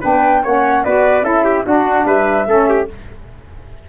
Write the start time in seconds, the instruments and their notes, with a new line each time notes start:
0.00 tuba B3, saxophone D4, trumpet B4, flute G5
0.43 tuba A#3, saxophone C#4, trumpet C#5, flute F#5
0.84 tuba B3, saxophone F#4, trumpet B4, flute D5
1.22 tuba C#4, saxophone E4, trumpet A4, flute E5
1.44 trumpet G4
1.64 saxophone D4, tuba D4, trumpet F#4, flute F#5
2.05 tuba G3, trumpet B4, flute E5
2.47 tuba A3, saxophone C#4, trumpet A4
2.69 trumpet G4